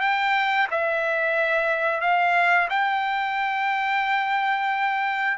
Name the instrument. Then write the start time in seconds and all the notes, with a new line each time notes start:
trumpet
0.00 G5
0.70 E5
2.01 F5
2.69 G5